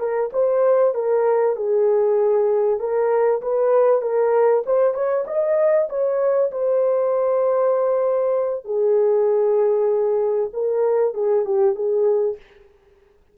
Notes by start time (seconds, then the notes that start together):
0.00 A#4
0.33 C5
0.95 A#4
1.56 G#4
2.80 A#4
3.42 B4
4.02 A#4
4.66 C5
4.95 C#5
5.27 D#5
5.90 C#5
6.51 C5
8.65 G#4
10.54 A#4
11.15 G#4
11.45 G4
11.76 G#4